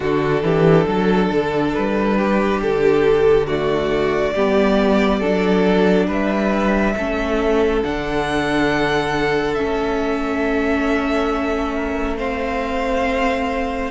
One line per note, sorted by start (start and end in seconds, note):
0.00 0.42 D3
0.00 3.47 D4
0.00 0.43 F#4
0.00 1.73 A4
0.42 0.85 E3
0.42 0.87 G4
0.87 1.30 F#3
0.87 2.17 A4
1.31 1.75 D3
1.73 2.63 G3
1.73 2.60 B4
2.17 3.47 G4
2.62 4.35 D3
2.62 3.47 A4
3.47 4.34 A3
3.47 4.34 F#4
3.47 6.08 D5
4.34 5.21 G3
4.34 5.22 B3
4.34 5.19 G4
5.19 6.07 F#3
5.19 6.96 D4
5.19 6.06 A4
6.07 6.94 G3
6.07 6.94 B4
6.07 7.83 E5
6.96 7.83 A3
6.96 7.83 C#4
6.96 11.75 A4
7.83 9.58 D3
7.83 9.56 D4
7.83 9.54 F#5
9.54 13.90 A3
9.54 12.17 C#4
9.54 12.15 E5
11.75 12.17 A#4
12.17 13.90 C4
12.17 13.90 C5
12.17 13.90 F5